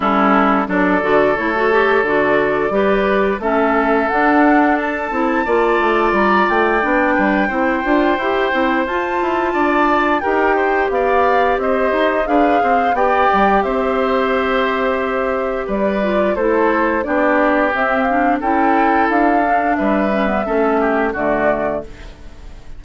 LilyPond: <<
  \new Staff \with { instrumentName = "flute" } { \time 4/4 \tempo 4 = 88 a'4 d''4 cis''4 d''4~ | d''4 e''4 fis''4 a''4~ | a''4 ais''8 g''2~ g''8~ | g''4 a''2 g''4 |
f''4 dis''4 f''4 g''4 | e''2. d''4 | c''4 d''4 e''8 f''8 g''4 | f''4 e''2 d''4 | }
  \new Staff \with { instrumentName = "oboe" } { \time 4/4 e'4 a'2. | b'4 a'2. | d''2~ d''8 b'8 c''4~ | c''2 d''4 ais'8 c''8 |
d''4 c''4 b'8 c''8 d''4 | c''2. b'4 | a'4 g'2 a'4~ | a'4 b'4 a'8 g'8 fis'4 | }
  \new Staff \with { instrumentName = "clarinet" } { \time 4/4 cis'4 d'8 fis'8 e'16 fis'16 g'8 fis'4 | g'4 cis'4 d'4. e'8 | f'2 d'4 e'8 f'8 | g'8 e'8 f'2 g'4~ |
g'2 gis'4 g'4~ | g'2.~ g'8 f'8 | e'4 d'4 c'8 d'8 e'4~ | e'8 d'4 cis'16 b16 cis'4 a4 | }
  \new Staff \with { instrumentName = "bassoon" } { \time 4/4 g4 fis8 d8 a4 d4 | g4 a4 d'4. c'8 | ais8 a8 g8 a8 b8 g8 c'8 d'8 | e'8 c'8 f'8 e'8 d'4 dis'4 |
b4 c'8 dis'8 d'8 c'8 b8 g8 | c'2. g4 | a4 b4 c'4 cis'4 | d'4 g4 a4 d4 | }
>>